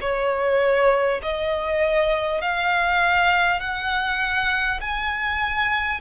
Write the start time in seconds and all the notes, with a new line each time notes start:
0.00 C#5
1.22 D#5
2.41 F5
3.60 F#5
4.80 G#5